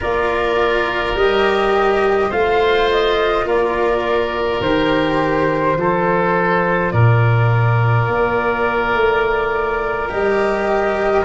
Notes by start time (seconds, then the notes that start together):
0.00 A#3 F4 A#4 D5
1.14 G3 G4 D#5
2.29 A3 F4 C5 F5
2.90 D#5
3.44 A#3 A#4 D5
4.60 D#3 G4 C5
5.76 F3 F4 A4
6.91 A#2 A#4 D5
8.07 A#3
8.93 A3
10.09 G3 G4 D#5